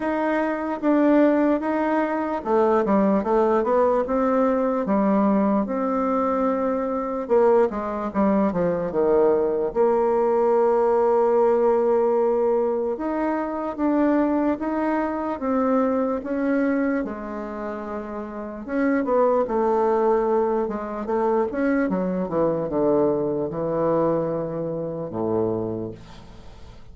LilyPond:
\new Staff \with { instrumentName = "bassoon" } { \time 4/4 \tempo 4 = 74 dis'4 d'4 dis'4 a8 g8 | a8 b8 c'4 g4 c'4~ | c'4 ais8 gis8 g8 f8 dis4 | ais1 |
dis'4 d'4 dis'4 c'4 | cis'4 gis2 cis'8 b8 | a4. gis8 a8 cis'8 fis8 e8 | d4 e2 a,4 | }